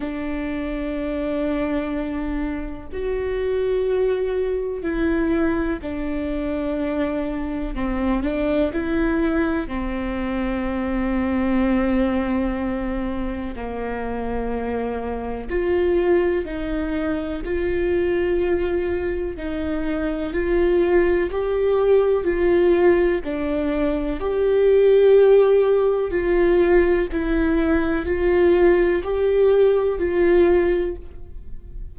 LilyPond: \new Staff \with { instrumentName = "viola" } { \time 4/4 \tempo 4 = 62 d'2. fis'4~ | fis'4 e'4 d'2 | c'8 d'8 e'4 c'2~ | c'2 ais2 |
f'4 dis'4 f'2 | dis'4 f'4 g'4 f'4 | d'4 g'2 f'4 | e'4 f'4 g'4 f'4 | }